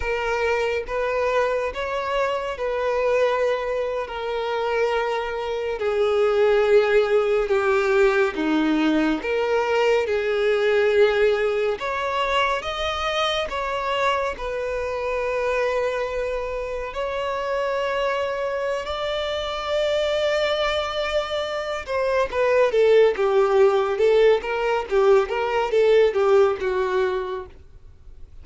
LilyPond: \new Staff \with { instrumentName = "violin" } { \time 4/4 \tempo 4 = 70 ais'4 b'4 cis''4 b'4~ | b'8. ais'2 gis'4~ gis'16~ | gis'8. g'4 dis'4 ais'4 gis'16~ | gis'4.~ gis'16 cis''4 dis''4 cis''16~ |
cis''8. b'2. cis''16~ | cis''2 d''2~ | d''4. c''8 b'8 a'8 g'4 | a'8 ais'8 g'8 ais'8 a'8 g'8 fis'4 | }